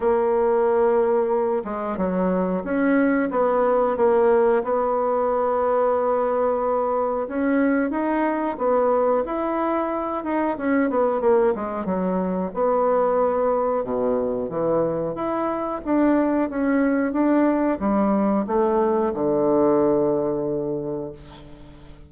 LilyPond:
\new Staff \with { instrumentName = "bassoon" } { \time 4/4 \tempo 4 = 91 ais2~ ais8 gis8 fis4 | cis'4 b4 ais4 b4~ | b2. cis'4 | dis'4 b4 e'4. dis'8 |
cis'8 b8 ais8 gis8 fis4 b4~ | b4 b,4 e4 e'4 | d'4 cis'4 d'4 g4 | a4 d2. | }